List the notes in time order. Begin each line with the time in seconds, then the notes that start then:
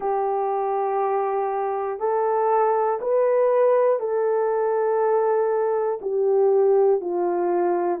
0.00 G4
2.00 A4
3.00 B4
3.99 A4
6.01 G4
7.00 F4